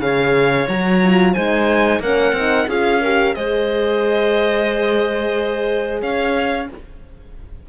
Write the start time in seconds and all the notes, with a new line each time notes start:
0.00 C#3 G#4 C#5 F5
0.68 F#3 F#4 A#5
1.04 F4
1.33 G#3 D#4 C5 G#5
1.99 A#3 C#4 A#4 F#5
2.32 C4 D#4
2.67 C#4 F4 G#4 F5
3.01 G4 A#4
3.34 G#3 G#4 C5 D#5
6.02 C#4 C#5 F5